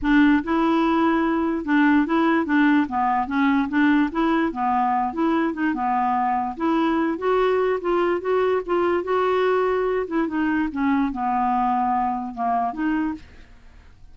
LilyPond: \new Staff \with { instrumentName = "clarinet" } { \time 4/4 \tempo 4 = 146 d'4 e'2. | d'4 e'4 d'4 b4 | cis'4 d'4 e'4 b4~ | b8 e'4 dis'8 b2 |
e'4. fis'4. f'4 | fis'4 f'4 fis'2~ | fis'8 e'8 dis'4 cis'4 b4~ | b2 ais4 dis'4 | }